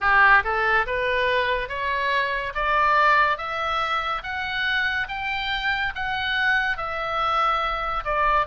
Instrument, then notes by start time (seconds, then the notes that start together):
oboe
0.00 G4
0.43 A4
0.86 B4
1.69 C#5
2.55 D5
3.37 E5
4.23 F#5
5.08 G5
5.95 F#5
6.77 E5
8.04 D5